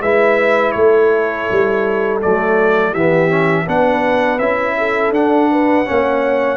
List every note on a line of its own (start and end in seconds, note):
0.00 0.73 G#3
0.00 2.22 E4
0.00 0.75 B4
0.00 0.71 E5
0.71 1.48 A3
0.71 2.91 A4
0.71 2.17 C#5
1.50 2.23 G3
2.22 2.93 F#3
2.22 2.95 A3
2.22 2.94 D5
2.91 3.66 E3
2.91 3.29 B3
2.91 3.64 G4
2.91 3.67 E5
3.29 3.65 C#4
3.65 4.39 B3
3.65 4.39 D4
3.65 4.75 B4
3.65 4.38 F#5
4.38 5.11 C#4
4.38 5.14 E4
4.38 5.11 E5
4.77 5.50 A4
5.11 5.84 D4
5.11 5.85 D4
5.11 6.57 F#5
5.50 5.87 B4
5.85 6.57 A#3
5.85 6.57 C#4
5.85 6.57 C#5